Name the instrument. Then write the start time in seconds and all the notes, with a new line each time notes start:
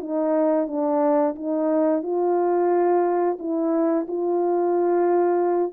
horn
0.00 D#4
0.67 D4
1.35 D#4
2.02 F4
3.39 E4
4.08 F4